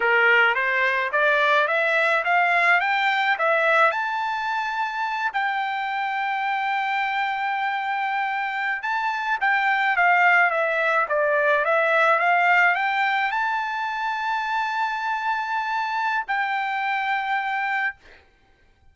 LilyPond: \new Staff \with { instrumentName = "trumpet" } { \time 4/4 \tempo 4 = 107 ais'4 c''4 d''4 e''4 | f''4 g''4 e''4 a''4~ | a''4. g''2~ g''8~ | g''2.~ g''8. a''16~ |
a''8. g''4 f''4 e''4 d''16~ | d''8. e''4 f''4 g''4 a''16~ | a''1~ | a''4 g''2. | }